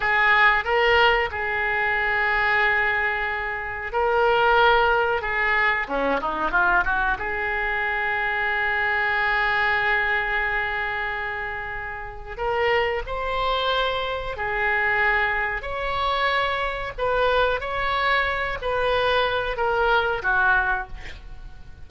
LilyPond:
\new Staff \with { instrumentName = "oboe" } { \time 4/4 \tempo 4 = 92 gis'4 ais'4 gis'2~ | gis'2 ais'2 | gis'4 cis'8 dis'8 f'8 fis'8 gis'4~ | gis'1~ |
gis'2. ais'4 | c''2 gis'2 | cis''2 b'4 cis''4~ | cis''8 b'4. ais'4 fis'4 | }